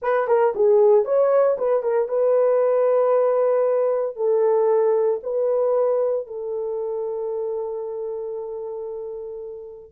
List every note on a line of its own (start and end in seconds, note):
0.02 0.27 B4
0.27 0.53 A#4
0.55 1.04 G#4
1.04 1.57 C#5
1.57 1.83 B4
1.83 2.08 A#4
2.08 4.15 B4
4.15 5.20 A4
5.23 6.26 B4
6.26 9.91 A4